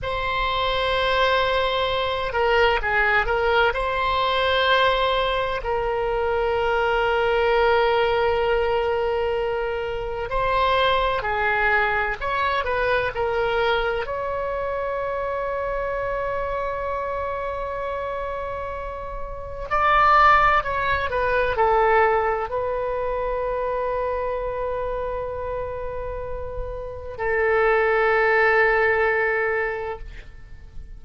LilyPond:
\new Staff \with { instrumentName = "oboe" } { \time 4/4 \tempo 4 = 64 c''2~ c''8 ais'8 gis'8 ais'8 | c''2 ais'2~ | ais'2. c''4 | gis'4 cis''8 b'8 ais'4 cis''4~ |
cis''1~ | cis''4 d''4 cis''8 b'8 a'4 | b'1~ | b'4 a'2. | }